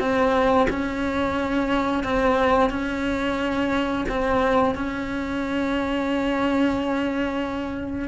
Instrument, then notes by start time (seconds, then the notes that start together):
cello
0.00 C4
0.70 C#4
2.04 C4
2.70 C#4
4.09 C4
4.75 C#4